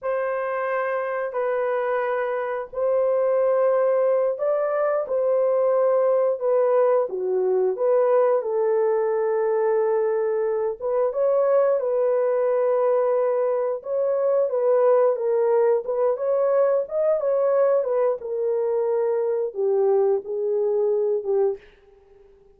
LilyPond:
\new Staff \with { instrumentName = "horn" } { \time 4/4 \tempo 4 = 89 c''2 b'2 | c''2~ c''8 d''4 c''8~ | c''4. b'4 fis'4 b'8~ | b'8 a'2.~ a'8 |
b'8 cis''4 b'2~ b'8~ | b'8 cis''4 b'4 ais'4 b'8 | cis''4 dis''8 cis''4 b'8 ais'4~ | ais'4 g'4 gis'4. g'8 | }